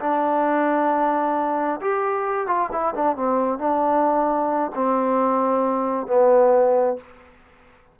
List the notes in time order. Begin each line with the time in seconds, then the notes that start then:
0.00 D4
1.81 G4
2.47 F4
2.72 E4
2.95 D4
3.16 C4
3.59 D4
4.75 C4
6.07 B3